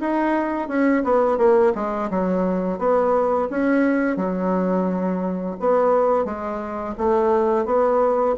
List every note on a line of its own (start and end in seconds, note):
0.00 0.68 D#4
0.68 1.03 C#4
1.03 1.38 B3
1.38 1.73 A#3
1.75 2.10 G#3
2.10 2.78 F#3
2.78 3.48 B3
3.50 4.16 C#4
4.16 5.56 F#3
5.60 6.24 B3
6.24 6.94 G#3
6.97 7.65 A3
7.65 8.35 B3